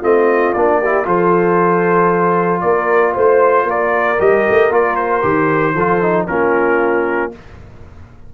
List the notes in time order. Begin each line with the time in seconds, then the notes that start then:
0.00 A3 C4 F4 D#5
0.53 A#3 D4 D5
0.79 E4 G4
1.04 F3 F4 A4 C5
2.60 A#3 A#4 D5
3.14 A3 C5
3.63 A#3 A#4
3.70 D5
4.19 G3 G4 D#5
4.49 A3
4.70 A#3 F4 D5
4.96 C5
5.22 D#3 G4
5.74 F3 F4 A4
6.02 D#4
6.27 A#3 C#4 F4 A#4